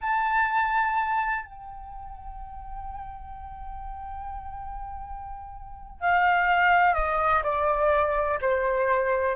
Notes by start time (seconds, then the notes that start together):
0.01 A5
1.45 G5
6.00 F5
6.94 D#5
7.43 D5
8.41 C5